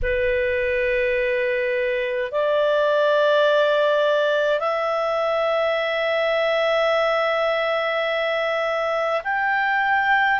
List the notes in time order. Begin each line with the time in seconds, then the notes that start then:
0.02 B4
2.31 D5
4.59 E5
9.24 G5